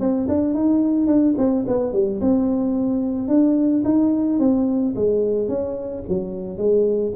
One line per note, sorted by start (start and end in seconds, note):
0.00 0.28 C4
0.29 0.54 D4
0.54 1.07 D#4
1.07 1.35 D4
1.38 1.65 C4
1.67 1.93 B3
1.93 2.20 G3
2.21 3.28 C4
3.28 3.83 D4
3.85 4.40 D#4
4.40 4.95 C4
4.96 5.48 G#3
5.48 6.04 C#4
6.09 6.58 F#3
6.58 7.13 G#3